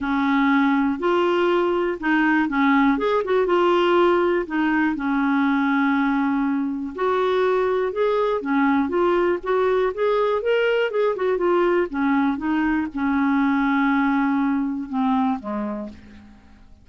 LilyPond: \new Staff \with { instrumentName = "clarinet" } { \time 4/4 \tempo 4 = 121 cis'2 f'2 | dis'4 cis'4 gis'8 fis'8 f'4~ | f'4 dis'4 cis'2~ | cis'2 fis'2 |
gis'4 cis'4 f'4 fis'4 | gis'4 ais'4 gis'8 fis'8 f'4 | cis'4 dis'4 cis'2~ | cis'2 c'4 gis4 | }